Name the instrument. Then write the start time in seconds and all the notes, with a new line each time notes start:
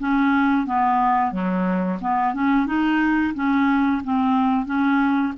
clarinet
0.00 C#4
0.67 B3
1.32 F#3
2.02 B3
2.35 C#4
2.67 D#4
3.35 C#4
4.04 C4
4.66 C#4